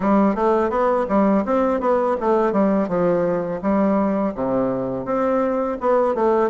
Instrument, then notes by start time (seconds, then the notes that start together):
bassoon
0.00 G3
0.35 A3
0.70 B3
1.08 G3
1.45 C4
1.80 B3
2.20 A3
2.52 G3
2.88 F3
3.61 G3
4.34 C3
5.05 C4
5.80 B3
6.14 A3